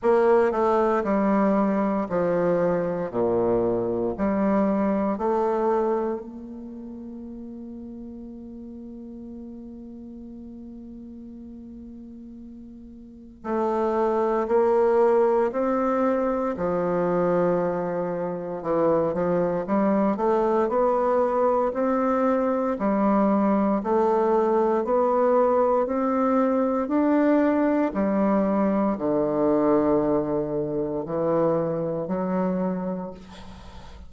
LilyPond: \new Staff \with { instrumentName = "bassoon" } { \time 4/4 \tempo 4 = 58 ais8 a8 g4 f4 ais,4 | g4 a4 ais2~ | ais1~ | ais4 a4 ais4 c'4 |
f2 e8 f8 g8 a8 | b4 c'4 g4 a4 | b4 c'4 d'4 g4 | d2 e4 fis4 | }